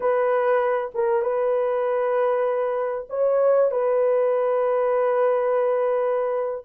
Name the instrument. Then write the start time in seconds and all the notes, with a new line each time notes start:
horn
0.00 B4
0.94 A#4
1.22 B4
3.09 C#5
3.71 B4